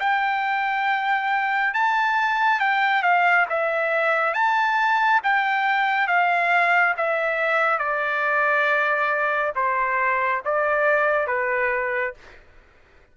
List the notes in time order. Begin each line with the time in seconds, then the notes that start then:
0.00 G5
1.74 A5
2.60 G5
3.03 F5
3.49 E5
4.34 A5
5.23 G5
6.08 F5
6.97 E5
7.79 D5
9.55 C5
10.45 D5
11.27 B4